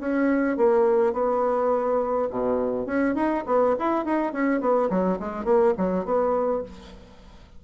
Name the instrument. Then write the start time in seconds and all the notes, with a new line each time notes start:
bassoon
0.00 C#4
0.57 A#3
1.14 B3
2.31 B2
2.87 C#4
3.15 D#4
3.47 B3
3.79 E4
4.05 D#4
4.33 C#4
4.61 B3
4.90 F#3
5.20 G#3
5.45 A#3
5.78 F#3
6.06 B3